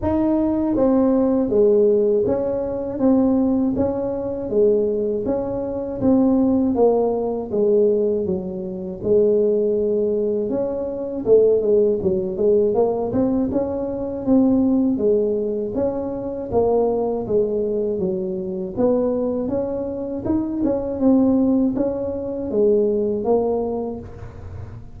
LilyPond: \new Staff \with { instrumentName = "tuba" } { \time 4/4 \tempo 4 = 80 dis'4 c'4 gis4 cis'4 | c'4 cis'4 gis4 cis'4 | c'4 ais4 gis4 fis4 | gis2 cis'4 a8 gis8 |
fis8 gis8 ais8 c'8 cis'4 c'4 | gis4 cis'4 ais4 gis4 | fis4 b4 cis'4 dis'8 cis'8 | c'4 cis'4 gis4 ais4 | }